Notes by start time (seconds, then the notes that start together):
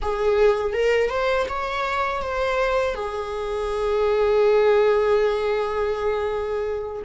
0.02 G#4
0.73 A#4
1.09 C5
1.48 C#5
2.22 C5
2.95 G#4